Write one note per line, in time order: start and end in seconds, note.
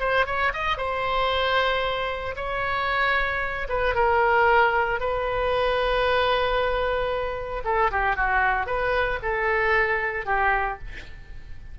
0.00 0.26 C5
0.27 0.53 C#5
0.53 0.78 D#5
0.78 2.35 C5
2.36 3.68 C#5
3.69 3.95 B4
3.95 5.00 A#4
5.00 7.63 B4
7.65 7.91 A4
7.91 8.16 G4
8.16 8.67 F#4
8.67 9.20 B4
9.23 10.26 A4
10.26 10.79 G4